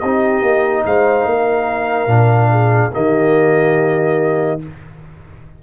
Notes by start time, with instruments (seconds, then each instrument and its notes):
0.00 tuba C4, trombone D#4, horn G4, trumpet D#5
0.42 tuba A#3
0.86 tuba G#3, horn C5, trumpet F5
1.24 tuba A#3, horn A#4
2.07 tuba A#2, trombone D4
2.51 horn G#4
2.93 tuba D#3, trombone A#3, horn G4, trumpet D#5